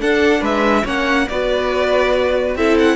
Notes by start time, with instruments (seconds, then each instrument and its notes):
0.00 viola D4, cello D4, violin A4 F#5
0.41 cello G#3, violin B4 E5
0.85 cello A#3, viola C#4, violin C#5 F#5
1.29 cello B3, viola F#4, violin B4 D5
2.56 cello C4, viola E4, violin A4 E5
2.79 violin F#5